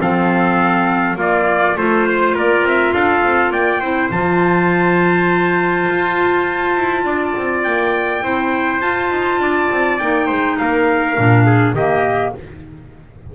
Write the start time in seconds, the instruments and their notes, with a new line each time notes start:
0.00 double bass F3, clarinet C4, trumpet A4 F5
1.16 double bass A#3, clarinet A#3, trumpet F4 D5
1.75 double bass A3, clarinet F4, trumpet A4 C5
2.06 trumpet C5
2.35 double bass A#3, trumpet A#4 D5
2.63 double bass C4, trumpet E5
2.94 double bass D4, trumpet A4 F5
3.24 double bass C4
3.51 double bass A#3, trumpet D5 G5
3.81 double bass C4, clarinet E4, trumpet C5
4.11 double bass F3, clarinet F4, trumpet A5
5.90 double bass F4
6.77 double bass E4
7.05 double bass D4, trumpet D5
7.37 double bass C4
7.64 double bass A#3, trumpet G5
8.22 double bass C4, clarinet E4, trumpet C5
8.81 double bass F4, clarinet F4, trumpet A5
9.11 double bass D#4
9.40 double bass D4, trumpet D5
9.71 double bass C4
9.99 double bass A#3, clarinet D#4, trumpet G5
10.27 double bass G#3, trumpet C5
10.59 double bass A#3, trumpet A#4 F5
11.17 double bass A#2, clarinet D4
11.46 trumpet G#4
11.74 double bass D#3, clarinet A#3, trumpet G4 D#5